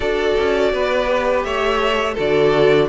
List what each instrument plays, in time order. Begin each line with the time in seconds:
0.00 cello D4, viola F#4, violin A4 D5
0.38 cello C#4
0.73 cello B3, violin B4
1.06 viola G4
1.43 cello A3, violin C#5 E5
2.13 cello D3, viola F#4, violin A4 D5